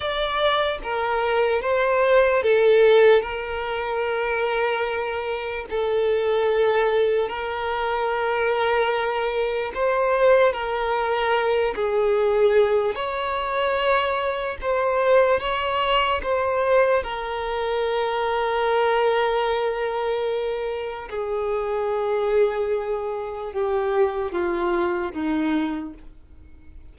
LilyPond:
\new Staff \with { instrumentName = "violin" } { \time 4/4 \tempo 4 = 74 d''4 ais'4 c''4 a'4 | ais'2. a'4~ | a'4 ais'2. | c''4 ais'4. gis'4. |
cis''2 c''4 cis''4 | c''4 ais'2.~ | ais'2 gis'2~ | gis'4 g'4 f'4 dis'4 | }